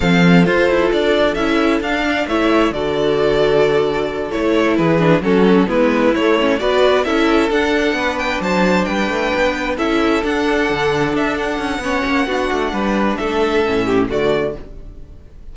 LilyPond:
<<
  \new Staff \with { instrumentName = "violin" } { \time 4/4 \tempo 4 = 132 f''4 c''4 d''4 e''4 | f''4 e''4 d''2~ | d''4. cis''4 b'4 a'8~ | a'8 b'4 cis''4 d''4 e''8~ |
e''8 fis''4. g''8 a''4 g''8~ | g''4. e''4 fis''4.~ | fis''8 e''8 fis''2.~ | fis''4 e''2 d''4 | }
  \new Staff \with { instrumentName = "violin" } { \time 4/4 a'1~ | a'8 d''8 cis''4 a'2~ | a'2~ a'8 gis'4 fis'8~ | fis'8 e'2 b'4 a'8~ |
a'4. b'4 c''4 b'8~ | b'4. a'2~ a'8~ | a'2 cis''4 fis'4 | b'4 a'4. g'8 fis'4 | }
  \new Staff \with { instrumentName = "viola" } { \time 4/4 c'4 f'2 e'4 | d'4 e'4 fis'2~ | fis'4. e'4. d'8 cis'8~ | cis'8 b4 a8 cis'8 fis'4 e'8~ |
e'8 d'2.~ d'8~ | d'4. e'4 d'4.~ | d'2 cis'4 d'4~ | d'2 cis'4 a4 | }
  \new Staff \with { instrumentName = "cello" } { \time 4/4 f4 f'8 e'8 d'4 cis'4 | d'4 a4 d2~ | d4. a4 e4 fis8~ | fis8 gis4 a4 b4 cis'8~ |
cis'8 d'4 b4 fis4 g8 | a8 b4 cis'4 d'4 d8~ | d8 d'4 cis'8 b8 ais8 b8 a8 | g4 a4 a,4 d4 | }
>>